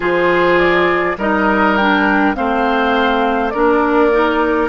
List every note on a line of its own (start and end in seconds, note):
0.00 1.16 F3
0.00 1.16 F4
0.00 1.16 G#4
0.00 0.58 C5
0.58 1.17 D5
1.17 2.34 G3
1.17 1.78 D#4
1.17 2.36 A#4
1.17 1.76 D#5
1.76 2.34 D4
1.76 2.35 G5
2.34 3.54 A3
2.34 3.52 C4
2.34 3.53 C5
2.34 3.49 F5
3.49 4.68 A#3
3.49 4.11 D4
3.49 4.68 A#4
3.49 4.67 D5
4.11 4.68 D#4